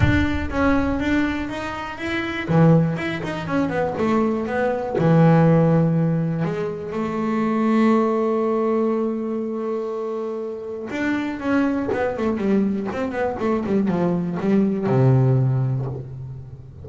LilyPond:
\new Staff \with { instrumentName = "double bass" } { \time 4/4 \tempo 4 = 121 d'4 cis'4 d'4 dis'4 | e'4 e4 e'8 dis'8 cis'8 b8 | a4 b4 e2~ | e4 gis4 a2~ |
a1~ | a2 d'4 cis'4 | b8 a8 g4 c'8 b8 a8 g8 | f4 g4 c2 | }